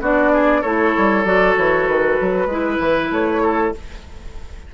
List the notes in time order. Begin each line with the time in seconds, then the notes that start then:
0.00 B3 D4 F#4 D5
0.32 G#4
0.61 A3 E4 A4 C#5
0.97 G3
1.23 F#3 F#4 D5
1.56 E3 C#5
1.87 D#3 B4
2.20 F#3
2.46 G#3 E4 B4
2.79 E3
3.10 A3 C#5
3.42 A4